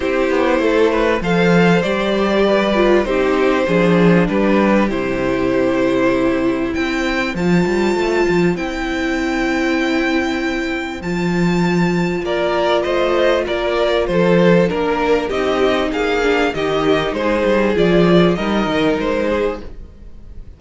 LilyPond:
<<
  \new Staff \with { instrumentName = "violin" } { \time 4/4 \tempo 4 = 98 c''2 f''4 d''4~ | d''4 c''2 b'4 | c''2. g''4 | a''2 g''2~ |
g''2 a''2 | d''4 dis''4 d''4 c''4 | ais'4 dis''4 f''4 dis''4 | c''4 d''4 dis''4 c''4 | }
  \new Staff \with { instrumentName = "violin" } { \time 4/4 g'4 a'8 b'8 c''2 | b'4 g'4 gis'4 g'4~ | g'2. c''4~ | c''1~ |
c''1 | ais'4 c''4 ais'4 a'4 | ais'4 g'4 gis'4 g'4 | gis'2 ais'4. gis'8 | }
  \new Staff \with { instrumentName = "viola" } { \time 4/4 e'2 a'4 g'4~ | g'8 f'8 dis'4 d'2 | e'1 | f'2 e'2~ |
e'2 f'2~ | f'1 | d'4 dis'4. d'8 dis'4~ | dis'4 f'4 dis'2 | }
  \new Staff \with { instrumentName = "cello" } { \time 4/4 c'8 b8 a4 f4 g4~ | g4 c'4 f4 g4 | c2. c'4 | f8 g8 a8 f8 c'2~ |
c'2 f2 | ais4 a4 ais4 f4 | ais4 c'4 ais4 dis4 | gis8 g8 f4 g8 dis8 gis4 | }
>>